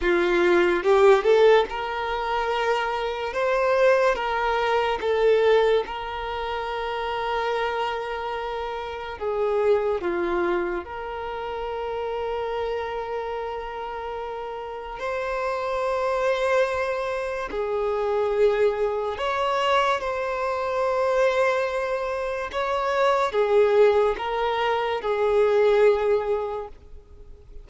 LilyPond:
\new Staff \with { instrumentName = "violin" } { \time 4/4 \tempo 4 = 72 f'4 g'8 a'8 ais'2 | c''4 ais'4 a'4 ais'4~ | ais'2. gis'4 | f'4 ais'2.~ |
ais'2 c''2~ | c''4 gis'2 cis''4 | c''2. cis''4 | gis'4 ais'4 gis'2 | }